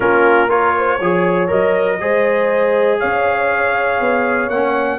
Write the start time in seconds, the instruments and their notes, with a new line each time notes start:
0.00 tuba A#3, trombone C#4, horn F4, trumpet A#4
0.49 trombone F4, horn A#4, trumpet C#5
0.78 horn C5
0.97 tuba F3, trombone G#4, horn C#5
1.47 tuba F#3, trombone A#4, trumpet D#5
2.00 tuba G#3, trombone G#4, horn C5
2.99 tuba C#4, horn C#5, trumpet F5
4.00 tuba B3
4.49 tuba A#3, trombone C#4, trumpet F#5